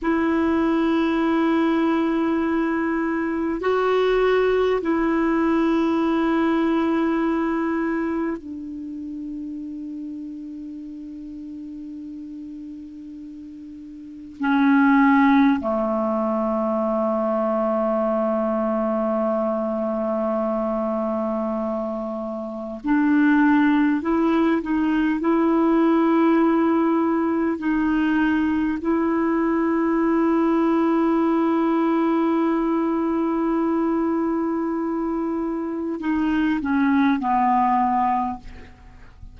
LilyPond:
\new Staff \with { instrumentName = "clarinet" } { \time 4/4 \tempo 4 = 50 e'2. fis'4 | e'2. d'4~ | d'1 | cis'4 a2.~ |
a2. d'4 | e'8 dis'8 e'2 dis'4 | e'1~ | e'2 dis'8 cis'8 b4 | }